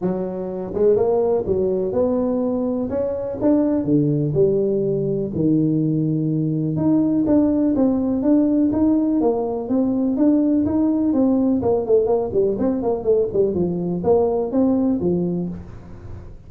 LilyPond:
\new Staff \with { instrumentName = "tuba" } { \time 4/4 \tempo 4 = 124 fis4. gis8 ais4 fis4 | b2 cis'4 d'4 | d4 g2 dis4~ | dis2 dis'4 d'4 |
c'4 d'4 dis'4 ais4 | c'4 d'4 dis'4 c'4 | ais8 a8 ais8 g8 c'8 ais8 a8 g8 | f4 ais4 c'4 f4 | }